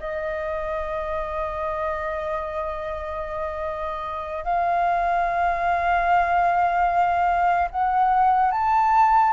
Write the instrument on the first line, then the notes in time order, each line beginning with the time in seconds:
flute
0.00 D#5
4.45 F5
7.71 F#5
8.52 A5